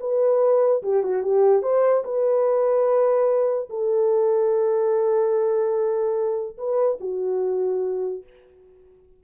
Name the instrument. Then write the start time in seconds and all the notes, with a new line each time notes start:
horn
0.00 B4
0.83 G4
1.03 F#4
1.23 G4
1.62 C5
2.04 B4
3.69 A4
6.57 B4
7.00 F#4